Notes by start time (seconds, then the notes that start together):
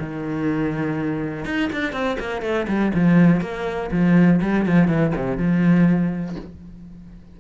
0.00 D#3
1.45 D#4
1.73 D4
1.93 C4
2.20 A#3
2.42 A3
2.68 G3
2.95 F3
3.41 A#3
3.92 F3
4.42 G3
4.66 F3
4.88 E3
5.16 C3
5.38 F3